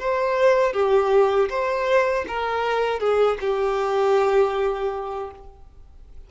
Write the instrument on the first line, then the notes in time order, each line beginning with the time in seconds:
violin
0.00 C5
0.74 G4
1.50 C5
2.28 A#4
3.00 G#4
3.41 G4